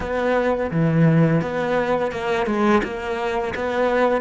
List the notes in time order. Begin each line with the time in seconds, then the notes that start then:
0.00 B3
0.71 E3
1.41 B3
2.11 A#3
2.46 G#3
2.83 A#3
3.55 B3